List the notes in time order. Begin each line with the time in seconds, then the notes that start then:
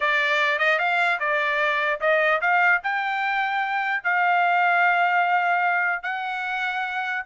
0.00 D5
0.58 D#5
0.78 F5
1.19 D5
2.00 D#5
2.41 F5
2.83 G5
4.03 F5
6.02 F#5